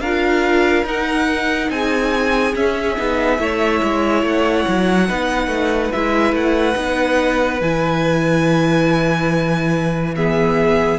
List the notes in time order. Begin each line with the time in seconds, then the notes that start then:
0.00 D4 F4 A#4 F5
0.84 D#4 F#5
1.70 C4 G#4 G#5
2.54 C#4 E5
2.97 B3 D#4
3.37 A3 E4 C#5
3.83 G#3
4.22 A3 F#5
4.68 F#3
5.07 B3 D#4 B4
5.47 A3
5.92 G#3 E4 E5
6.32 A3 F#5
6.75 B3 D#4
7.61 E3 E4 G#5
10.15 B3 G#4 E5